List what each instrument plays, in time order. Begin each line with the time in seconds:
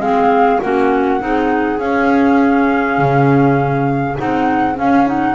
0.00 double bass G#3, clarinet C4 G#4, flute F5
0.61 double bass A#3, clarinet C#4 F#4, flute F#5
1.20 double bass C4, clarinet D#4 G#4
1.79 clarinet C#4, double bass C#4, flute F5
2.98 double bass C#3
4.16 double bass C4, clarinet D#4, flute F#5
4.74 clarinet C#4, double bass C#4, flute F5
5.06 clarinet D#4, flute F#5